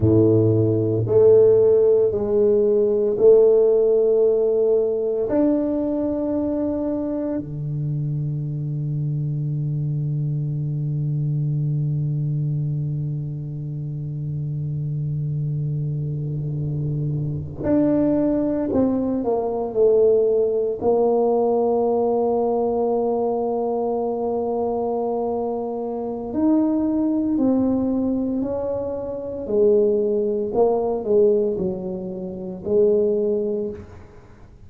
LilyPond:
\new Staff \with { instrumentName = "tuba" } { \time 4/4 \tempo 4 = 57 a,4 a4 gis4 a4~ | a4 d'2 d4~ | d1~ | d1~ |
d8. d'4 c'8 ais8 a4 ais16~ | ais1~ | ais4 dis'4 c'4 cis'4 | gis4 ais8 gis8 fis4 gis4 | }